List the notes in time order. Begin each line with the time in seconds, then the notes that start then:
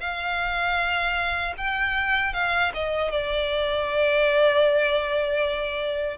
0.00 F5
1.58 G5
2.33 F5
2.74 D#5
3.12 D5